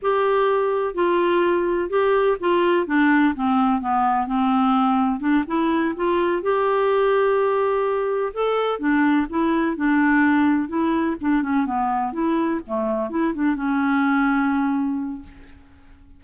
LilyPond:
\new Staff \with { instrumentName = "clarinet" } { \time 4/4 \tempo 4 = 126 g'2 f'2 | g'4 f'4 d'4 c'4 | b4 c'2 d'8 e'8~ | e'8 f'4 g'2~ g'8~ |
g'4. a'4 d'4 e'8~ | e'8 d'2 e'4 d'8 | cis'8 b4 e'4 a4 e'8 | d'8 cis'2.~ cis'8 | }